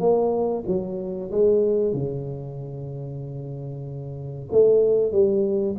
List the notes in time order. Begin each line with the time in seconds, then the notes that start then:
0.00 A#3
0.67 F#3
1.31 G#3
1.94 C#3
4.51 A3
5.12 G3